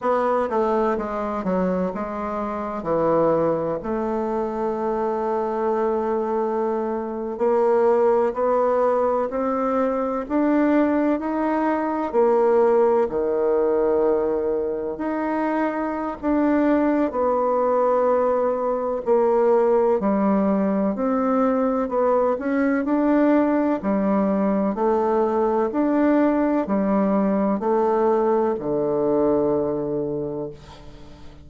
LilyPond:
\new Staff \with { instrumentName = "bassoon" } { \time 4/4 \tempo 4 = 63 b8 a8 gis8 fis8 gis4 e4 | a2.~ a8. ais16~ | ais8. b4 c'4 d'4 dis'16~ | dis'8. ais4 dis2 dis'16~ |
dis'4 d'4 b2 | ais4 g4 c'4 b8 cis'8 | d'4 g4 a4 d'4 | g4 a4 d2 | }